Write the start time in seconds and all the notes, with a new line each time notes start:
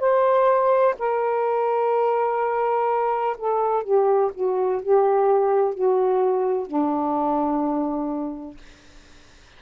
0.00 C5
0.99 A#4
3.38 A4
3.84 G4
4.34 F#4
4.82 G4
5.74 F#4
6.67 D4